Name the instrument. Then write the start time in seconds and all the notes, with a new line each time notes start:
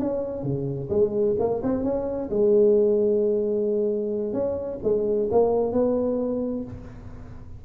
tuba
0.00 C#4
0.44 C#3
0.90 G#3
1.39 A#3
1.63 C4
1.84 C#4
2.30 G#3
4.33 C#4
4.83 G#3
5.32 A#3
5.73 B3